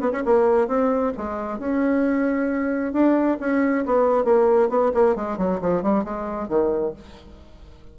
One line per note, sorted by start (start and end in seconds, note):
0.00 0.11 B3
0.12 0.23 C#4
0.25 0.68 A#3
0.68 1.12 C4
1.17 1.59 G#3
1.59 2.93 C#4
2.93 3.37 D4
3.40 3.84 C#4
3.85 4.24 B3
4.24 4.69 A#3
4.69 4.92 B3
4.94 5.15 A#3
5.15 5.38 G#3
5.38 5.60 F#3
5.61 5.82 F3
5.82 6.04 G3
6.04 6.48 G#3
6.48 6.93 D#3